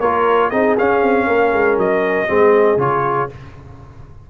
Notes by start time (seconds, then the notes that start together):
0.00 A#3 F4 A#4 C#5
0.50 C4 D#4 G#4 D#5
0.78 C#4 F5
1.02 C4
1.27 A#3 A#4
1.53 G#3
1.77 F#3 D#5
2.28 G#3 C4 G#4
2.77 C#3 F4 C#5